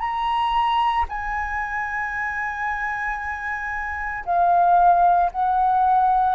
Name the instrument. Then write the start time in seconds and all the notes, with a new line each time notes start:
flute
0.00 A#5
1.09 G#5
4.25 F5
5.32 F#5